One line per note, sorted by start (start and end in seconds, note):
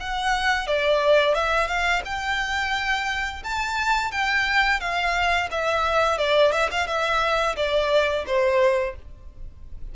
0.00 0.67 F#5
0.67 1.35 D5
1.35 1.68 E5
1.68 2.03 F5
2.05 3.43 G5
3.44 4.12 A5
4.12 4.81 G5
4.81 5.50 F5
5.51 6.18 E5
6.18 6.53 D5
6.53 6.70 E5
6.71 6.87 F5
6.87 7.56 E5
7.57 8.26 D5
8.27 8.96 C5